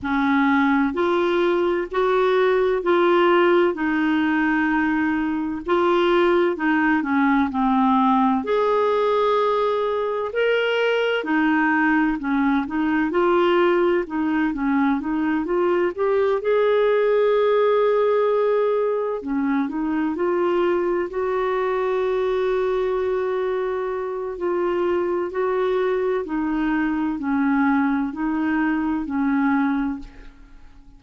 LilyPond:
\new Staff \with { instrumentName = "clarinet" } { \time 4/4 \tempo 4 = 64 cis'4 f'4 fis'4 f'4 | dis'2 f'4 dis'8 cis'8 | c'4 gis'2 ais'4 | dis'4 cis'8 dis'8 f'4 dis'8 cis'8 |
dis'8 f'8 g'8 gis'2~ gis'8~ | gis'8 cis'8 dis'8 f'4 fis'4.~ | fis'2 f'4 fis'4 | dis'4 cis'4 dis'4 cis'4 | }